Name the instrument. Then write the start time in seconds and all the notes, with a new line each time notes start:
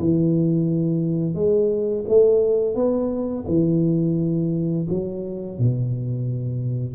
tuba
0.00 E3
1.35 G#3
2.09 A3
2.75 B3
3.48 E3
4.90 F#3
5.59 B2